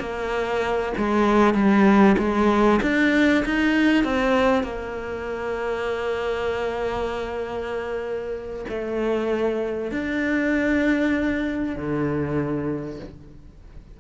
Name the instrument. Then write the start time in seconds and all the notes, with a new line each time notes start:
cello
0.00 A#3
0.98 G#3
1.54 G3
2.18 G#3
2.82 D4
3.45 D#4
4.04 C4
4.63 A#3
8.69 A3
9.92 D4
11.76 D3